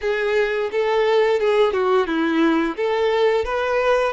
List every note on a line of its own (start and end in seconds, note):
0.01 0.70 G#4
0.71 1.39 A4
1.39 1.72 G#4
1.72 2.07 F#4
2.07 2.76 E4
2.76 3.45 A4
3.45 4.12 B4